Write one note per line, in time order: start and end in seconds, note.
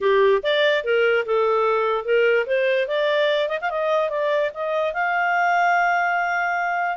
0.01 0.42 G4
0.42 0.83 D5
0.83 1.25 A#4
1.25 2.04 A4
2.04 2.45 A#4
2.46 2.87 C5
2.87 3.48 D5
3.48 3.58 D#5
3.61 3.70 F5
3.70 4.09 D#5
4.09 4.50 D5
4.54 4.93 D#5
4.93 6.97 F5